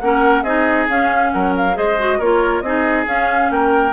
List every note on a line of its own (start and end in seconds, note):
0.00 0.43 A#3
0.00 0.45 C#4
0.00 0.43 A#4
0.00 0.43 F#5
0.43 0.87 C4
0.43 0.89 D#4
0.43 1.31 G#4
0.43 0.87 D#5
0.88 1.32 C#4
0.88 1.74 C#4
0.88 1.31 F5
1.31 1.77 F#3
1.31 1.77 A#4
1.31 1.53 F#5
1.57 1.77 F5
1.74 2.19 G#3
1.74 1.95 G#4
1.74 2.18 C5
1.74 2.20 D#5
1.98 2.20 F#4
2.18 2.61 A#3
2.18 2.64 F4
2.18 2.62 A#4
2.18 2.61 C#5
2.61 3.05 C4
2.61 3.06 D#4
2.61 3.52 G#4
2.61 3.05 D#5
3.06 3.93 C#4
3.06 3.50 C#4
3.06 3.51 F5
3.50 3.93 A#3
3.50 3.93 A#4
3.50 3.93 G5